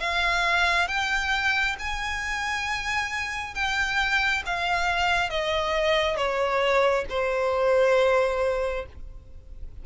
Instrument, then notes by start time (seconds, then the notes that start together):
violin
0.00 F5
0.88 G5
1.79 G#5
3.55 G5
4.46 F5
5.30 D#5
6.17 C#5
7.09 C5